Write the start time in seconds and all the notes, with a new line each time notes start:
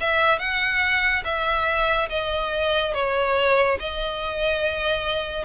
0.00 E5
0.38 F#5
1.24 E5
2.09 D#5
2.94 C#5
3.80 D#5